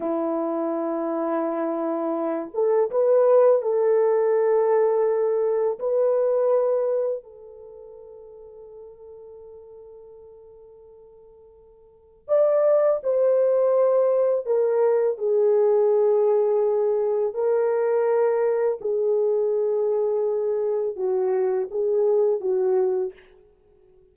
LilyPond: \new Staff \with { instrumentName = "horn" } { \time 4/4 \tempo 4 = 83 e'2.~ e'8 a'8 | b'4 a'2. | b'2 a'2~ | a'1~ |
a'4 d''4 c''2 | ais'4 gis'2. | ais'2 gis'2~ | gis'4 fis'4 gis'4 fis'4 | }